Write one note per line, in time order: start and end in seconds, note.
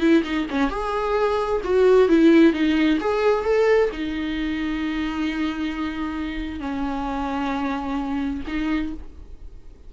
0.00 0.23 E4
0.24 0.47 D#4
0.50 0.70 C#4
0.70 1.61 G#4
1.64 2.09 F#4
2.09 2.53 E4
2.53 2.99 D#4
3.00 3.44 G#4
3.44 3.90 A4
3.92 6.60 D#4
6.60 8.42 C#4
8.48 8.93 D#4